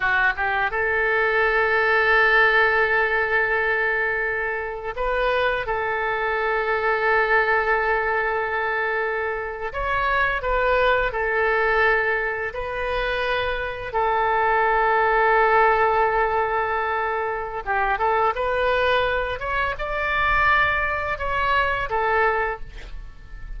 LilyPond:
\new Staff \with { instrumentName = "oboe" } { \time 4/4 \tempo 4 = 85 fis'8 g'8 a'2.~ | a'2. b'4 | a'1~ | a'4.~ a'16 cis''4 b'4 a'16~ |
a'4.~ a'16 b'2 a'16~ | a'1~ | a'4 g'8 a'8 b'4. cis''8 | d''2 cis''4 a'4 | }